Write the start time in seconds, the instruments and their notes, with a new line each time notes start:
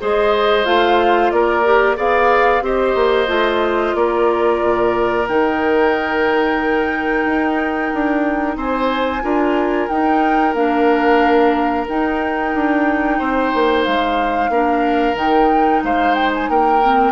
0.00 bassoon G#3, clarinet G#4, oboe C5, flute D#5
0.64 bassoon A3, clarinet F4, flute F5
1.30 bassoon A#3, oboe A#4, flute D5
1.64 clarinet G4
1.95 bassoon B3, clarinet G#4, oboe D5, flute F5
2.61 bassoon C4, clarinet G4, oboe C5, flute D#5
2.94 bassoon A#3
3.27 bassoon A3, clarinet F4
3.95 bassoon A#3, oboe A#4, flute D5
4.63 bassoon A#2
5.28 bassoon D#3, clarinet D#4, flute G5
7.25 bassoon D#4
7.94 bassoon D4
8.56 bassoon C4, oboe C5, flute G#5
9.22 bassoon D4, clarinet F4, oboe A#4
9.88 bassoon D#4, clarinet D#4, flute G5
10.54 bassoon A#3, clarinet D4, flute F5
11.88 clarinet D#4, bassoon D#4, flute G5
12.54 bassoon D4
13.18 bassoon C4, oboe C5
13.54 bassoon A#3
13.84 bassoon G#3, flute F5
14.49 bassoon A#3, clarinet D4, oboe A#4
15.14 bassoon D#3, clarinet D#4, flute G5
15.83 bassoon G#3, oboe C5, flute F5
16.14 flute G5
16.34 flute G#5
16.48 bassoon A#3, oboe A#4, flute G5
16.83 clarinet C4